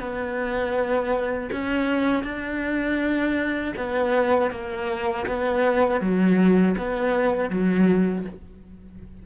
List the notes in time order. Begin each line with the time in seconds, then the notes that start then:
0.00 B3
1.52 C#4
2.23 D4
3.77 B3
4.51 A#3
5.27 B3
6.00 F#3
6.77 B3
7.50 F#3